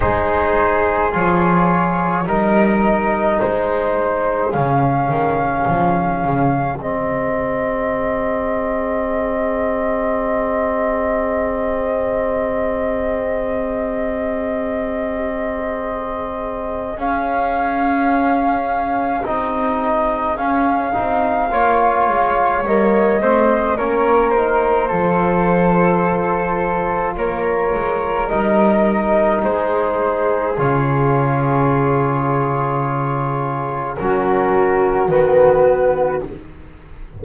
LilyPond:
<<
  \new Staff \with { instrumentName = "flute" } { \time 4/4 \tempo 4 = 53 c''4 cis''4 dis''4 c''4 | f''2 dis''2~ | dis''1~ | dis''2. f''4~ |
f''4 dis''4 f''2 | dis''4 cis''8 c''2~ c''8 | cis''4 dis''4 c''4 cis''4~ | cis''2 ais'4 b'4 | }
  \new Staff \with { instrumentName = "flute" } { \time 4/4 gis'2 ais'4 gis'4~ | gis'1~ | gis'1~ | gis'1~ |
gis'2. cis''4~ | cis''8 c''8 ais'4 a'2 | ais'2 gis'2~ | gis'2 fis'2 | }
  \new Staff \with { instrumentName = "trombone" } { \time 4/4 dis'4 f'4 dis'2 | cis'2 c'2~ | c'1~ | c'2. cis'4~ |
cis'4 dis'4 cis'8 dis'8 f'4 | ais8 c'8 cis'8 dis'8 f'2~ | f'4 dis'2 f'4~ | f'2 cis'4 b4 | }
  \new Staff \with { instrumentName = "double bass" } { \time 4/4 gis4 f4 g4 gis4 | cis8 dis8 f8 cis8 gis2~ | gis1~ | gis2. cis'4~ |
cis'4 c'4 cis'8 c'8 ais8 gis8 | g8 a8 ais4 f2 | ais8 gis8 g4 gis4 cis4~ | cis2 fis4 dis4 | }
>>